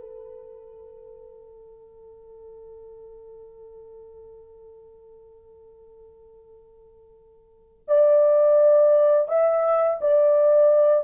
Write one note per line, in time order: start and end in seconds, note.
0.00 7.86 A4
7.88 9.28 D5
9.28 10.00 E5
10.01 11.05 D5